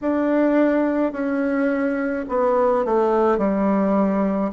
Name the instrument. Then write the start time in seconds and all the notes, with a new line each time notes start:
bassoon
0.01 D4
1.12 C#4
2.28 B3
2.85 A3
3.38 G3